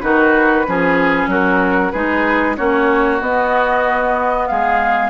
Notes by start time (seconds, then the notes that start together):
0.00 D#3 D#4 F#4 B4
0.66 F3 C#4 G#4
1.27 F#3 F#4 A#4
1.91 G#3 D#4 G#4 B4
2.57 A#3 C#4 F#4 C#5
3.21 B3 D#5
4.46 G#3 G#4 F5